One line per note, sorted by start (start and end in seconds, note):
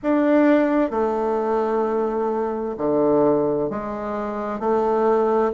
0.03 0.90 D4
0.90 2.74 A3
2.77 3.69 D3
3.69 4.59 G#3
4.59 5.51 A3